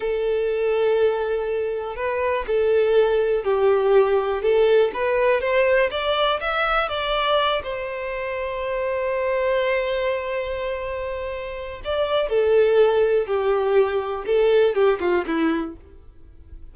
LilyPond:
\new Staff \with { instrumentName = "violin" } { \time 4/4 \tempo 4 = 122 a'1 | b'4 a'2 g'4~ | g'4 a'4 b'4 c''4 | d''4 e''4 d''4. c''8~ |
c''1~ | c''1 | d''4 a'2 g'4~ | g'4 a'4 g'8 f'8 e'4 | }